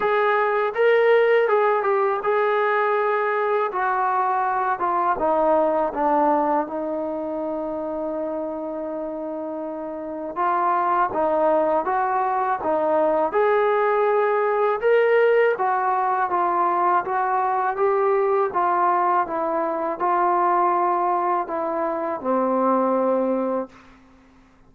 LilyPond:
\new Staff \with { instrumentName = "trombone" } { \time 4/4 \tempo 4 = 81 gis'4 ais'4 gis'8 g'8 gis'4~ | gis'4 fis'4. f'8 dis'4 | d'4 dis'2.~ | dis'2 f'4 dis'4 |
fis'4 dis'4 gis'2 | ais'4 fis'4 f'4 fis'4 | g'4 f'4 e'4 f'4~ | f'4 e'4 c'2 | }